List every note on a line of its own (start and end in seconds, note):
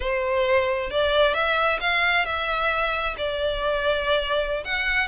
0.00 0.90 C5
0.90 1.34 D5
1.34 1.79 E5
1.80 2.25 F5
2.25 3.15 E5
3.17 4.64 D5
4.64 5.07 F#5